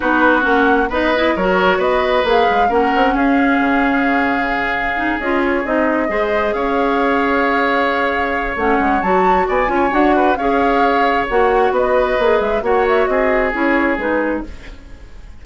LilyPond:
<<
  \new Staff \with { instrumentName = "flute" } { \time 4/4 \tempo 4 = 133 b'4 fis''4 dis''4 cis''4 | dis''4 f''4 fis''4 f''4~ | f''2.~ f''8 dis''8 | cis''8 dis''2 f''4.~ |
f''2. fis''4 | a''4 gis''4 fis''4 f''4~ | f''4 fis''4 dis''4. e''8 | fis''8 e''8 dis''4 cis''4 b'4 | }
  \new Staff \with { instrumentName = "oboe" } { \time 4/4 fis'2 b'4 ais'4 | b'2 ais'4 gis'4~ | gis'1~ | gis'4. c''4 cis''4.~ |
cis''1~ | cis''4 d''8 cis''4 b'8 cis''4~ | cis''2 b'2 | cis''4 gis'2. | }
  \new Staff \with { instrumentName = "clarinet" } { \time 4/4 dis'4 cis'4 dis'8 e'8 fis'4~ | fis'4 gis'4 cis'2~ | cis'2. dis'8 f'8~ | f'8 dis'4 gis'2~ gis'8~ |
gis'2. cis'4 | fis'4. f'8 fis'4 gis'4~ | gis'4 fis'2 gis'4 | fis'2 e'4 dis'4 | }
  \new Staff \with { instrumentName = "bassoon" } { \time 4/4 b4 ais4 b4 fis4 | b4 ais8 gis8 ais8 c'8 cis'4 | cis2.~ cis8 cis'8~ | cis'8 c'4 gis4 cis'4.~ |
cis'2. a8 gis8 | fis4 b8 cis'8 d'4 cis'4~ | cis'4 ais4 b4 ais8 gis8 | ais4 c'4 cis'4 gis4 | }
>>